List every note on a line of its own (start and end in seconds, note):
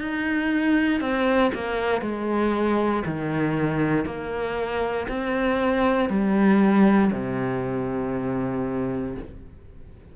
0.00 1.01 D#4
1.01 1.52 C4
1.54 2.02 A#3
2.02 3.03 G#3
3.06 4.05 D#3
4.05 5.07 A#3
5.08 6.09 C4
6.09 7.11 G3
7.12 9.16 C3